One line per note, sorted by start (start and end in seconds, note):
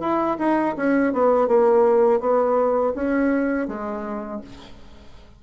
0.00 0.37 E4
0.39 0.75 D#4
0.76 1.13 C#4
1.13 1.48 B3
1.48 2.20 A#3
2.20 2.93 B3
2.95 3.68 C#4
3.68 4.41 G#3